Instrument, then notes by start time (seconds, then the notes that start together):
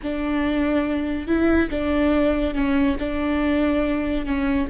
viola
0.02 D4
1.27 E4
1.70 D4
2.54 C#4
2.99 D4
4.25 C#4